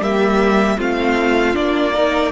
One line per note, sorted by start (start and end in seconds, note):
0.00 0.77 G3
0.00 0.78 A#3
0.00 0.78 G4
0.00 0.79 E5
0.78 1.55 A3
0.78 1.53 C4
0.78 1.93 F4
0.78 1.55 F5
1.53 2.31 A#3
1.53 1.92 D4
1.53 2.31 D5
1.93 2.31 D#4
1.93 2.31 A#4